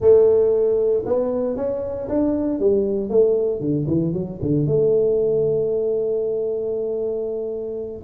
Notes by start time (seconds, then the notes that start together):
0.00 A3
1.05 B3
1.56 C#4
2.08 D4
2.59 G3
3.09 A3
3.60 D3
3.87 E3
4.13 F#3
4.41 D3
4.66 A3